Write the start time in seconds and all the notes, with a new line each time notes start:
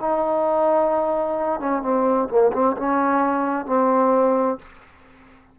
0.00 D#4
1.60 C#4
1.82 C4
2.29 A#3
2.53 C4
2.77 C#4
3.66 C4